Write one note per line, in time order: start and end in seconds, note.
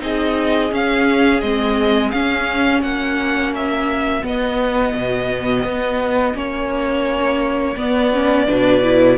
0.00 0.72 C4
0.00 0.71 D#4
0.00 2.80 G#4
0.00 0.74 D#5
0.71 1.42 C#4
0.71 1.41 F5
1.41 2.13 G#3
1.41 2.13 C4
1.41 2.11 D#5
2.11 4.22 C#4
2.11 2.83 C#4
2.11 2.82 F5
2.80 4.24 A#3
2.80 8.45 F#4
2.80 3.54 F#5
3.55 4.26 E5
4.22 6.34 B3
4.22 4.94 B3
4.22 6.37 D#5
4.94 5.64 B2
5.64 6.35 B3
6.34 7.76 A#3
6.34 7.76 C#4
6.34 7.78 C#5
7.76 8.47 B3
7.76 8.13 B3
7.76 9.18 D5
8.14 8.47 C#4
8.47 9.18 B2
8.47 8.82 D4
8.47 9.18 B4
8.83 9.18 E4